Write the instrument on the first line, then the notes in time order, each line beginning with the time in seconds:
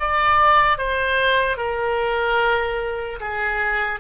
oboe
0.00 D5
0.78 C5
1.57 A#4
3.21 G#4